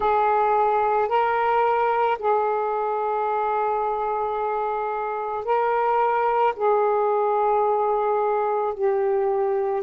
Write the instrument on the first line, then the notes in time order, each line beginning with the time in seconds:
saxophone
0.00 G#4
1.08 A#4
2.18 G#4
5.44 A#4
6.56 G#4
8.73 G4